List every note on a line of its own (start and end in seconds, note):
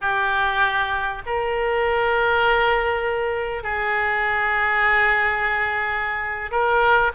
0.01 1.22 G4
1.26 3.63 A#4
3.63 6.50 G#4
6.51 7.11 A#4